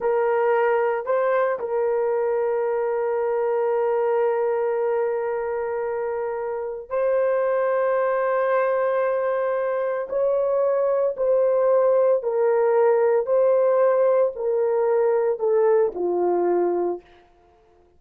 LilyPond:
\new Staff \with { instrumentName = "horn" } { \time 4/4 \tempo 4 = 113 ais'2 c''4 ais'4~ | ais'1~ | ais'1~ | ais'4 c''2.~ |
c''2. cis''4~ | cis''4 c''2 ais'4~ | ais'4 c''2 ais'4~ | ais'4 a'4 f'2 | }